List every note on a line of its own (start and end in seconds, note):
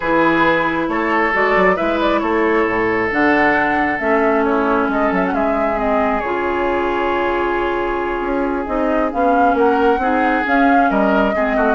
0.00 0.88 E3
0.00 1.33 E4
0.00 0.86 G#4
0.00 0.88 B4
0.88 1.32 A3
0.88 1.75 A4
0.88 1.33 C#5
1.33 1.55 G#3
1.33 1.76 F#4
1.33 1.76 D5
1.55 1.78 F#3
1.75 2.21 G#3
1.75 3.09 E4
1.75 2.20 B4
1.75 1.99 E5
2.01 2.19 D5
2.19 2.65 A3
2.19 4.44 A4
2.19 3.08 C#5
2.65 3.10 A2
3.10 3.99 D3
3.10 3.99 D4
3.10 3.99 F#5
3.99 4.87 A3
3.99 5.76 C#4
3.99 4.43 E5
4.44 4.91 E4
4.44 4.89 C#5
4.87 5.10 G#3
4.87 5.34 A4
4.87 5.13 D#5
5.11 5.33 F#3
5.11 5.25 E5
5.25 5.34 F#5
5.33 6.22 G#3
5.33 9.54 G#4
5.33 5.79 E5
5.76 6.20 C4
5.76 6.20 D#5
6.20 8.20 C#3
6.20 8.66 F4
6.20 8.64 C#5
8.20 8.64 C#4
8.65 9.12 C4
8.65 9.10 D#4
8.65 9.10 D#5
9.10 9.54 B3
9.10 9.99 C#4
9.10 9.56 F5
9.54 9.97 A#3
9.54 9.99 A#4
9.54 10.46 F#5
9.97 10.42 C4
9.97 10.44 D#4
9.97 10.90 G#4
10.44 11.32 C#4
10.44 10.90 C#4
10.44 10.90 F5
10.90 11.35 G3
10.90 11.35 A#4
10.90 11.74 D#5
11.33 11.56 G#3
11.33 11.74 C4
11.33 11.56 G#4
11.56 11.74 A3
11.56 11.74 F#4